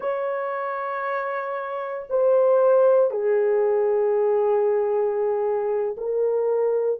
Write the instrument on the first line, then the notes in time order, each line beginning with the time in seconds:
horn
0.00 C#5
2.09 C5
3.10 G#4
5.97 A#4